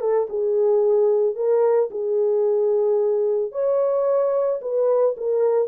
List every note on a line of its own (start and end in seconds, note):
0.00 0.27 A4
0.29 1.35 G#4
1.35 1.89 A#4
1.90 3.52 G#4
3.52 4.60 C#5
4.61 5.15 B4
5.16 5.68 A#4